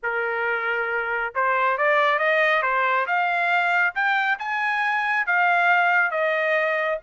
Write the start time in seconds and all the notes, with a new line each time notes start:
0.02 A#4
1.34 C5
1.77 D5
2.19 D#5
2.62 C5
3.06 F5
3.94 G5
4.38 G#5
5.26 F5
6.10 D#5